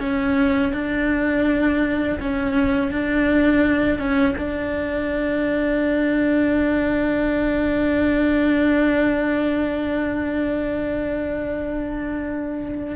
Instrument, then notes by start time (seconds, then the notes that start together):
cello
0.00 C#4
0.73 D4
2.20 C#4
2.92 D4
3.98 C#4
4.38 D4